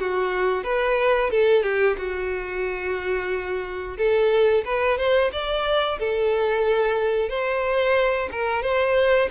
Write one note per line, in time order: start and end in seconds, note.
0.00 0.64 F#4
0.64 1.31 B4
1.31 1.63 A4
1.63 1.97 G4
1.98 3.98 F#4
3.98 4.65 A4
4.65 4.98 B4
4.98 5.32 C5
5.33 5.99 D5
6.00 7.30 A4
7.30 8.30 C5
8.32 8.63 A#4
8.63 9.29 C5